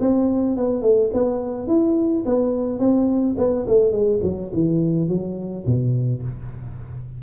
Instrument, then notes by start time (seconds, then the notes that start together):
tuba
0.00 C4
0.57 B3
0.82 A3
1.13 B3
1.67 E4
2.26 B3
2.79 C4
3.38 B3
3.67 A3
3.92 G#3
4.23 F#3
4.53 E3
5.09 F#3
5.66 B2